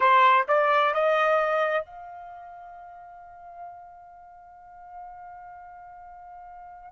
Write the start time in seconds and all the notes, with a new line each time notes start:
0.00 C5
0.48 D5
0.94 D#5
1.85 F5